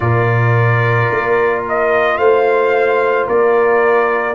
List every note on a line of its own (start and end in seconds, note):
0.00 1.09 A#2
0.00 4.34 F4
0.00 2.18 A#4
0.00 1.63 D5
1.10 2.17 A#3
1.68 2.17 D#5
2.17 3.26 A3
2.17 3.27 C5
2.17 3.26 F5
3.27 4.34 A#3
3.27 4.34 A#4
3.27 4.34 D5